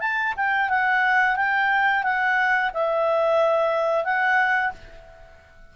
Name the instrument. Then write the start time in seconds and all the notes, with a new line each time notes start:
clarinet
0.00 A5
0.36 G5
0.69 F#5
1.36 G5
2.03 F#5
2.73 E5
4.04 F#5